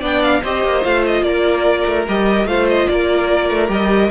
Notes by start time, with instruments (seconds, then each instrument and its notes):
0.00 cello B3, viola D4, violin D5 G5
0.22 violin F5
0.42 cello C4, viola G4, violin C5 D#5
0.64 cello A#3
0.82 cello A3, viola F4, violin F5
1.06 violin D#5
1.22 cello A#3, violin A#4 D5
1.87 cello A3
2.08 cello G3, viola G4, violin D#5
2.45 cello A3, viola F4, violin C5 F5
2.69 violin D#5
2.88 cello A#3, violin A#4 D5
3.50 cello A3
3.68 cello G3, viola G4, violin D#5